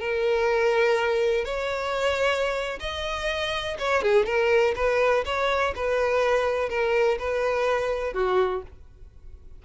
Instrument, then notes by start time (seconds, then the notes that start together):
violin
0.00 A#4
1.45 C#5
2.80 D#5
3.79 C#5
4.02 G#4
4.26 A#4
4.76 B4
5.25 C#5
5.76 B4
6.69 A#4
7.19 B4
8.14 F#4